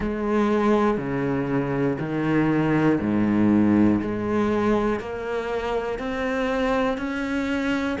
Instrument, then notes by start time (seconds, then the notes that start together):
cello
0.00 G#3
0.97 C#3
1.99 D#3
3.00 G#2
4.01 G#3
5.00 A#3
5.99 C4
6.97 C#4